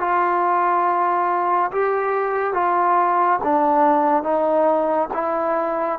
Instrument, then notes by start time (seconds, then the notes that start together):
trombone
0.00 F4
1.72 G4
2.54 F4
3.44 D4
4.24 D#4
5.14 E4